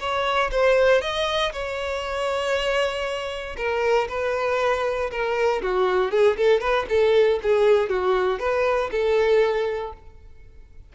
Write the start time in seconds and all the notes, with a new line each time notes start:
0.00 C#5
0.52 C5
1.01 D#5
1.53 C#5
3.57 A#4
4.09 B4
5.11 A#4
5.63 F#4
6.11 G#4
6.37 A4
6.61 B4
6.89 A4
7.43 G#4
7.89 F#4
8.40 B4
8.91 A4